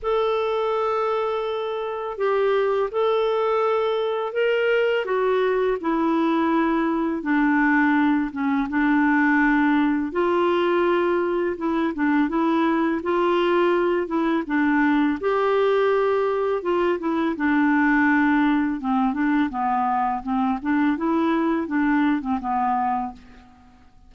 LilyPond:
\new Staff \with { instrumentName = "clarinet" } { \time 4/4 \tempo 4 = 83 a'2. g'4 | a'2 ais'4 fis'4 | e'2 d'4. cis'8 | d'2 f'2 |
e'8 d'8 e'4 f'4. e'8 | d'4 g'2 f'8 e'8 | d'2 c'8 d'8 b4 | c'8 d'8 e'4 d'8. c'16 b4 | }